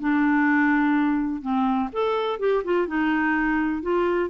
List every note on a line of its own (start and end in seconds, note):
0.00 1.42 D4
1.42 1.90 C4
1.93 2.40 A4
2.40 2.64 G4
2.65 2.88 F4
2.88 3.82 D#4
3.82 4.30 F4